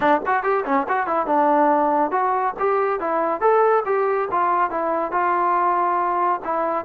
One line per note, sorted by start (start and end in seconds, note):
0.00 0.21 D4
0.26 0.43 F#4
0.43 0.64 G4
0.65 0.86 C#4
0.88 1.06 F#4
1.06 1.26 E4
1.26 2.11 D4
2.11 2.54 F#4
2.59 2.99 G4
2.99 3.41 E4
3.41 3.83 A4
3.85 4.28 G4
4.31 4.70 F4
4.70 5.11 E4
5.11 6.40 F4
6.44 6.85 E4